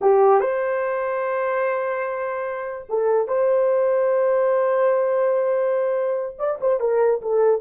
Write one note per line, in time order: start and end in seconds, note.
0.01 0.40 G4
0.40 2.87 C5
2.89 3.27 A4
3.27 6.35 C5
6.38 6.59 D5
6.61 6.80 C5
6.80 7.21 A#4
7.21 7.61 A4